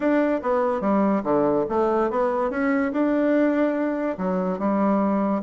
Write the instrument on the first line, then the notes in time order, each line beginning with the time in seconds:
bassoon
0.00 D4
0.42 B3
0.80 G3
1.23 D3
1.69 A3
2.10 B3
2.50 C#4
2.92 D4
4.17 F#3
4.58 G3